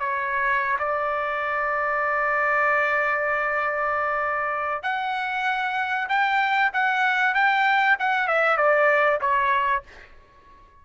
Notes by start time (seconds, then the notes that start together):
0.00 C#5
0.79 D5
4.83 F#5
6.09 G5
6.74 F#5
7.35 G5
8.00 F#5
8.28 E5
8.58 D5
9.21 C#5